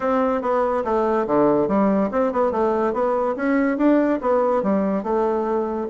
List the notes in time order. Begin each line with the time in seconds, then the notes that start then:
0.00 C4
0.41 B3
0.84 A3
1.26 D3
1.68 G3
2.11 C4
2.32 B3
2.51 A3
2.93 B3
3.35 C#4
3.77 D4
4.21 B3
4.63 G3
5.03 A3